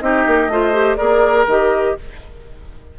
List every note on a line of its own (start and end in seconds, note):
0.00 0.26 C4
0.00 0.50 D#4
0.00 0.52 G4
0.00 0.96 D#5
0.27 0.48 A#3
0.48 0.97 A3
0.48 0.73 F4
0.48 0.98 C5
0.73 0.98 G4
0.96 1.47 A#3
0.96 1.46 G#4
0.96 1.95 A#4
0.96 1.45 D5
1.47 1.96 D#3
1.47 1.99 G4
1.47 1.99 D#5